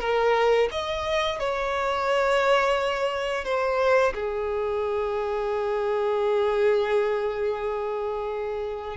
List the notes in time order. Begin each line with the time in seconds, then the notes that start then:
0.00 A#4
0.71 D#5
1.39 C#5
3.45 C5
4.14 G#4